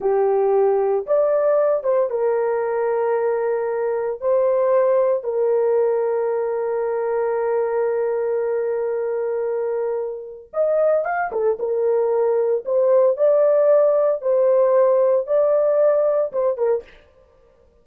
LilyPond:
\new Staff \with { instrumentName = "horn" } { \time 4/4 \tempo 4 = 114 g'2 d''4. c''8 | ais'1 | c''2 ais'2~ | ais'1~ |
ais'1 | dis''4 f''8 a'8 ais'2 | c''4 d''2 c''4~ | c''4 d''2 c''8 ais'8 | }